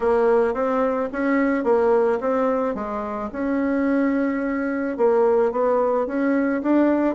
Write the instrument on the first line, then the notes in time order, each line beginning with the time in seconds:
bassoon
0.00 A#3
0.54 C4
1.12 C#4
1.64 A#3
2.20 C4
2.74 G#3
3.32 C#4
4.97 A#3
5.51 B3
6.07 C#4
6.62 D4